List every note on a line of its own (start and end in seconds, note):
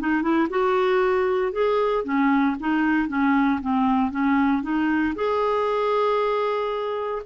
0.00 0.22 D#4
0.22 0.48 E4
0.50 1.52 F#4
1.52 2.04 G#4
2.04 2.56 C#4
2.60 3.08 D#4
3.08 3.60 C#4
3.61 4.11 C4
4.11 4.63 C#4
4.63 5.14 D#4
5.15 7.22 G#4